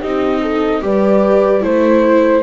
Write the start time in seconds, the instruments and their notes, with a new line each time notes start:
0.00 double bass C4, viola D#4, horn G4, flute D#5
0.42 horn A4
0.81 double bass G3, viola G4, horn B4, flute D5
1.61 double bass A3, viola E4, flute C5, horn C5